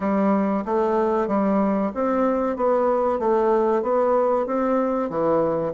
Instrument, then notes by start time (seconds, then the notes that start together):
bassoon
0.00 G3
0.65 A3
1.27 G3
1.94 C4
2.56 B3
3.19 A3
3.82 B3
4.46 C4
5.09 E3